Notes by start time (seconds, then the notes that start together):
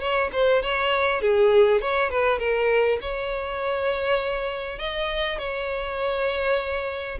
0.00 C#5
0.32 C5
0.62 C#5
1.21 G#4
1.81 C#5
2.10 B4
2.39 A#4
3.01 C#5
4.79 D#5
5.38 C#5